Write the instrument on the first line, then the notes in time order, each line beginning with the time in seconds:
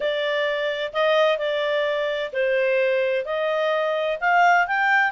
clarinet
0.00 D5
0.93 D#5
1.38 D5
2.33 C5
3.25 D#5
4.20 F5
4.67 G5